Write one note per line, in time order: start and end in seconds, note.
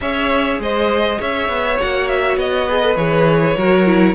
0.01 0.59 C#4
0.01 1.79 G#4
0.01 0.60 C#5
0.01 0.60 E5
0.59 1.18 G#3
0.59 1.19 C5
0.59 1.20 D#5
1.19 1.48 C#4
1.19 2.68 C#5
1.19 1.80 E5
1.48 1.78 B3
1.79 2.36 A#3
1.79 2.68 F#4
1.79 2.08 F#5
2.08 2.37 E5
2.36 2.96 B3
2.36 2.96 D#5
2.68 2.82 G#4
2.68 3.56 B4
2.82 2.95 A4
2.95 3.55 E3
2.95 3.55 G#4
2.95 4.15 C#5
3.56 4.15 F#3
3.56 3.85 F#4
3.56 4.15 A#4
3.85 4.15 E4